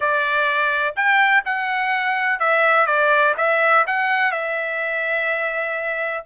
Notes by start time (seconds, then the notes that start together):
0.00 D5
0.95 G5
1.45 F#5
2.39 E5
2.86 D5
3.37 E5
3.86 F#5
4.31 E5